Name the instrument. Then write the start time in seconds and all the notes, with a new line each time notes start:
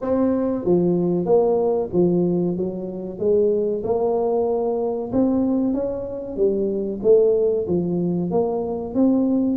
tuba
0.01 C4
0.64 F3
1.25 A#3
1.92 F3
2.56 F#3
3.19 G#3
3.83 A#3
5.12 C4
5.73 C#4
6.36 G3
7.02 A3
7.67 F3
8.31 A#3
8.94 C4